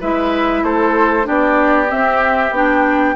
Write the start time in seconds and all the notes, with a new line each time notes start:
0.00 G#3 E4 B4 E5
0.63 A3 A4 C5
1.23 B3 D4 G4 D5
1.89 C4 E5
2.51 B3 D4 G5